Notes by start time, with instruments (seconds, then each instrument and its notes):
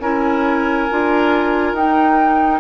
0.00 bassoon C#4, clarinet E4, oboe A#4, flute G#5
0.91 bassoon D4, clarinet F4
1.73 bassoon D#4, clarinet D#4, flute G5